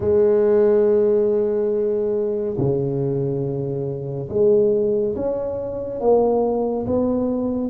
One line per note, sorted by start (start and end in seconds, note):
0.00 2.56 G#3
2.57 4.29 C#3
4.29 5.15 G#3
5.15 6.00 C#4
6.00 6.86 A#3
6.86 7.70 B3